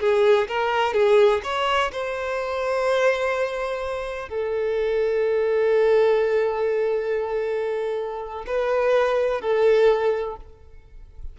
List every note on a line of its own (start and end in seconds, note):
0.00 0.48 G#4
0.48 0.94 A#4
0.94 1.42 G#4
1.44 1.91 C#5
1.92 4.29 C5
4.29 8.45 A4
8.47 9.41 B4
9.41 10.37 A4